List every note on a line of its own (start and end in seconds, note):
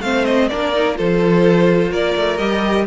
0.00 0.48 A3
0.00 0.50 C4
0.00 0.50 C5
0.00 0.25 F5
0.25 0.48 D#5
0.48 0.99 A#3
0.48 0.74 D4
0.48 0.97 A#4
0.48 0.95 D5
0.74 0.94 D#4
0.94 1.90 F3
0.94 2.37 F4
0.94 1.91 A4
0.94 1.92 C5
1.90 2.14 A#3
1.90 2.86 A#4
1.90 2.37 D5
2.15 2.39 A3
2.37 2.86 G3
2.37 2.86 G4
2.37 2.84 D#5